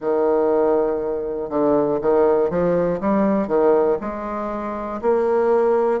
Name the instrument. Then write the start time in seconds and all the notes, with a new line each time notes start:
bassoon
0.00 D#3
1.50 D3
2.01 D#3
2.50 F3
3.00 G3
3.47 D#3
4.00 G#3
5.01 A#3